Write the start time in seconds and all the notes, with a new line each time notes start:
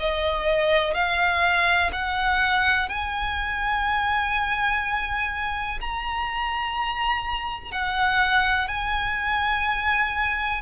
0.00 D#5
0.95 F5
1.93 F#5
2.89 G#5
5.81 A#5
7.72 F#5
8.68 G#5